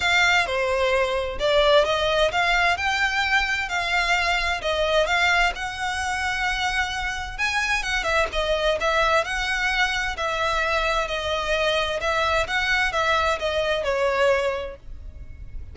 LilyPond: \new Staff \with { instrumentName = "violin" } { \time 4/4 \tempo 4 = 130 f''4 c''2 d''4 | dis''4 f''4 g''2 | f''2 dis''4 f''4 | fis''1 |
gis''4 fis''8 e''8 dis''4 e''4 | fis''2 e''2 | dis''2 e''4 fis''4 | e''4 dis''4 cis''2 | }